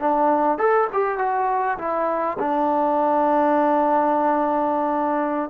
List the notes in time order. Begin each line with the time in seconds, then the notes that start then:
0.00 D4
0.58 A4
0.93 G4
1.19 F#4
1.78 E4
2.39 D4